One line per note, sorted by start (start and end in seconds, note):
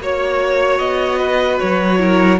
0.00 0.80 A#3
0.00 1.99 F#4
0.00 1.19 C#5
0.00 0.79 C#5
0.79 1.60 B3
0.79 1.59 D#5
1.19 1.99 B4
1.60 2.40 F#3
1.60 2.40 C#5
1.99 2.39 E4
1.99 2.40 A#4